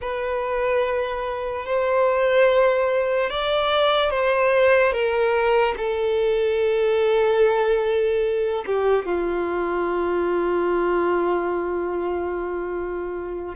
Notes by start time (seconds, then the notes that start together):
0.01 B4
1.65 C5
3.30 D5
4.10 C5
4.92 A#4
5.77 A4
8.66 G4
9.05 F4